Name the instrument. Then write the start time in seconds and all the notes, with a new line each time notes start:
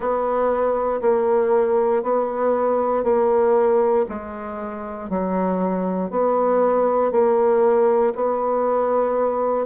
bassoon
0.00 B3
1.01 A#3
2.02 B3
3.03 A#3
4.08 G#3
5.09 F#3
6.10 B3
7.11 A#3
8.15 B3